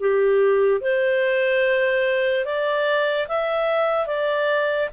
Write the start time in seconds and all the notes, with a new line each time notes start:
0.00 G4
0.81 C5
2.45 D5
3.28 E5
4.07 D5